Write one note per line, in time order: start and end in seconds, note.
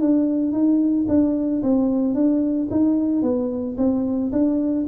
0.00 0.52 D4
0.52 1.06 D#4
1.08 1.62 D4
1.62 2.14 C4
2.14 2.68 D4
2.70 3.22 D#4
3.22 3.76 B3
3.77 4.31 C4
4.32 4.86 D4